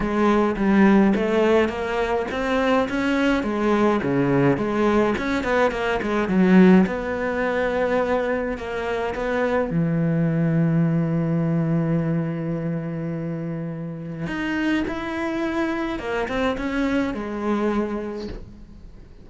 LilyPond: \new Staff \with { instrumentName = "cello" } { \time 4/4 \tempo 4 = 105 gis4 g4 a4 ais4 | c'4 cis'4 gis4 cis4 | gis4 cis'8 b8 ais8 gis8 fis4 | b2. ais4 |
b4 e2.~ | e1~ | e4 dis'4 e'2 | ais8 c'8 cis'4 gis2 | }